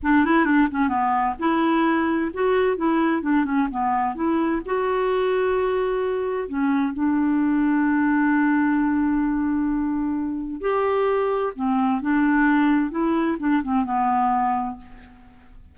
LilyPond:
\new Staff \with { instrumentName = "clarinet" } { \time 4/4 \tempo 4 = 130 d'8 e'8 d'8 cis'8 b4 e'4~ | e'4 fis'4 e'4 d'8 cis'8 | b4 e'4 fis'2~ | fis'2 cis'4 d'4~ |
d'1~ | d'2. g'4~ | g'4 c'4 d'2 | e'4 d'8 c'8 b2 | }